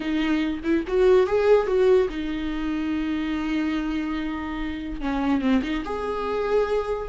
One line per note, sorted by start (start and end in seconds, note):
0.00 0.60 D#4
0.63 0.84 E4
0.87 1.26 F#4
1.26 1.66 G#4
1.66 2.08 F#4
2.09 5.00 D#4
5.00 5.41 C#4
5.41 5.62 C4
5.62 5.83 D#4
5.84 7.08 G#4